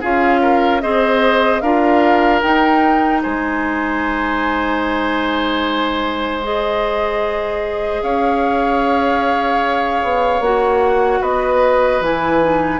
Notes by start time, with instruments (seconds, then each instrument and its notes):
0.00 bassoon C#4, clarinet F4, oboe G#4, flute F5
0.41 oboe A#4
0.81 bassoon C4, clarinet G#4, oboe C5, flute D#5
1.60 bassoon D4, clarinet F4, oboe A#4, flute F5
2.41 clarinet D#4, bassoon D#4, flute G5
3.22 bassoon G#3, oboe C5, flute G#5
6.42 clarinet G#4, flute D#5
8.02 bassoon C#4, oboe C#5, flute F5
10.03 bassoon B3
10.40 bassoon A#3, clarinet F#4, flute F#5
11.20 bassoon B3, oboe B4, flute D#5
12.00 bassoon E3, clarinet E4, flute G#5
12.41 clarinet D#4